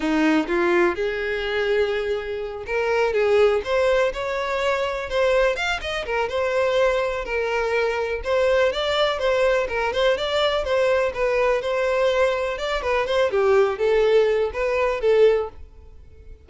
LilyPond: \new Staff \with { instrumentName = "violin" } { \time 4/4 \tempo 4 = 124 dis'4 f'4 gis'2~ | gis'4. ais'4 gis'4 c''8~ | c''8 cis''2 c''4 f''8 | dis''8 ais'8 c''2 ais'4~ |
ais'4 c''4 d''4 c''4 | ais'8 c''8 d''4 c''4 b'4 | c''2 d''8 b'8 c''8 g'8~ | g'8 a'4. b'4 a'4 | }